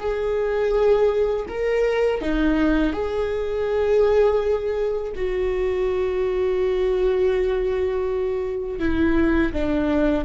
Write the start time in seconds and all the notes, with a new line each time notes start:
0.00 G#4
1.49 A#4
2.22 D#4
2.93 G#4
5.16 F#4
8.79 E4
9.53 D4